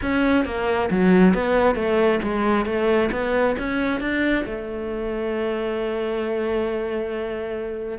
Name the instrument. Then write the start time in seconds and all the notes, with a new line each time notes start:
cello
0.01 C#4
0.45 A#3
0.90 F#3
1.34 B3
1.75 A3
2.23 G#3
2.65 A3
3.11 B3
3.58 C#4
4.00 D4
4.45 A3